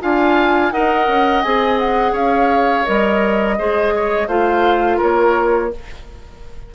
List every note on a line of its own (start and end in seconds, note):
0.00 0.71 D4
0.00 0.71 F4
0.00 0.73 F5
0.00 0.71 G#5
0.71 1.07 D#4
0.71 1.43 A#4
0.71 2.12 D#5
0.71 1.42 F#5
1.07 1.43 C#4
1.42 2.11 C4
1.42 2.85 G#4
1.42 1.78 G#5
1.78 2.14 F#5
2.11 2.83 C#4
2.11 3.55 C#5
2.11 2.85 F5
2.85 3.59 G3
2.85 3.57 A#4
2.85 4.27 D#5
3.58 4.27 G#3
3.58 4.28 G#4
3.58 3.94 C5
3.95 4.27 C#5
4.27 4.98 A3
4.27 5.71 F4
4.27 4.97 C5
4.27 4.99 F5
4.97 5.74 A#3
4.97 5.68 A#4
4.97 5.73 C#5